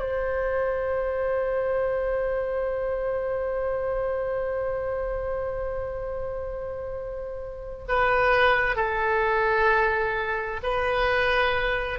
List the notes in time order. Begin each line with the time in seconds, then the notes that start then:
0.00 C5
7.89 B4
8.76 A4
10.63 B4